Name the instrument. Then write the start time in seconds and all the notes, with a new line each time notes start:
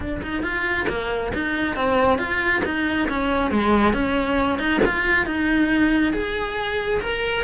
cello
0.00 D4
0.22 D#4
0.42 F4
0.89 A#3
1.34 D#4
1.76 C4
2.18 F4
2.64 D#4
3.09 C#4
3.50 G#3
3.93 C#4
4.58 D#4
4.85 F4
5.26 D#4
6.13 G#4
7.01 A#4